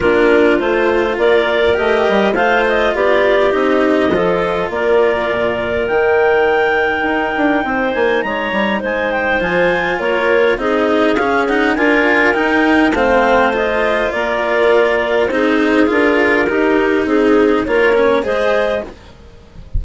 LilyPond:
<<
  \new Staff \with { instrumentName = "clarinet" } { \time 4/4 \tempo 4 = 102 ais'4 c''4 d''4 dis''4 | f''8 dis''8 d''4 dis''2 | d''2 g''2~ | g''4. gis''8 ais''4 gis''8 g''8 |
gis''4 cis''4 dis''4 f''8 fis''8 | gis''4 g''4 f''4 dis''4 | d''2 c''4 ais'4~ | ais'4 gis'4 cis''4 dis''4 | }
  \new Staff \with { instrumentName = "clarinet" } { \time 4/4 f'2 ais'2 | c''4 g'2 a'4 | ais'1~ | ais'4 c''4 cis''4 c''4~ |
c''4 ais'4 gis'2 | ais'2 c''2 | ais'2 gis'2 | g'4 gis'4 ais'4 c''4 | }
  \new Staff \with { instrumentName = "cello" } { \time 4/4 d'4 f'2 g'4 | f'2 dis'4 f'4~ | f'2 dis'2~ | dis'1 |
f'2 dis'4 cis'8 dis'8 | f'4 dis'4 c'4 f'4~ | f'2 dis'4 f'4 | dis'2 f'8 cis'8 gis'4 | }
  \new Staff \with { instrumentName = "bassoon" } { \time 4/4 ais4 a4 ais4 a8 g8 | a4 b4 c'4 f4 | ais4 ais,4 dis2 | dis'8 d'8 c'8 ais8 gis8 g8 gis4 |
f4 ais4 c'4 cis'4 | d'4 dis'4 a2 | ais2 c'4 d'4 | dis'4 c'4 ais4 gis4 | }
>>